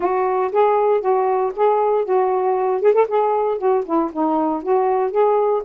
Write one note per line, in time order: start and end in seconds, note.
0.00 0.51 F#4
0.52 1.00 G#4
1.00 1.52 F#4
1.55 2.04 G#4
2.04 2.81 F#4
2.81 2.93 G#4
2.93 3.06 A4
3.07 3.58 G#4
3.58 3.83 F#4
3.85 4.10 E4
4.12 4.62 D#4
4.62 5.11 F#4
5.11 5.62 G#4